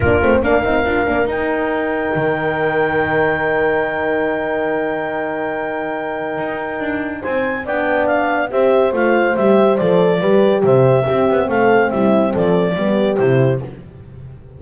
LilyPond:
<<
  \new Staff \with { instrumentName = "clarinet" } { \time 4/4 \tempo 4 = 141 ais'4 f''2 g''4~ | g''1~ | g''1~ | g''1~ |
g''4 gis''4 g''4 f''4 | e''4 f''4 e''4 d''4~ | d''4 e''2 f''4 | e''4 d''2 c''4 | }
  \new Staff \with { instrumentName = "horn" } { \time 4/4 f'4 ais'2.~ | ais'1~ | ais'1~ | ais'1~ |
ais'4 c''4 d''2 | c''1 | b'4 c''4 g'4 a'4 | e'4 a'4 g'2 | }
  \new Staff \with { instrumentName = "horn" } { \time 4/4 d'8 c'8 d'8 dis'8 f'8 d'8 dis'4~ | dis'1~ | dis'1~ | dis'1~ |
dis'2 d'2 | g'4 f'4 g'4 a'4 | g'2 c'2~ | c'2 b4 e'4 | }
  \new Staff \with { instrumentName = "double bass" } { \time 4/4 ais8 a8 ais8 c'8 d'8 ais8 dis'4~ | dis'4 dis2.~ | dis1~ | dis2. dis'4 |
d'4 c'4 b2 | c'4 a4 g4 f4 | g4 c4 c'8 b8 a4 | g4 f4 g4 c4 | }
>>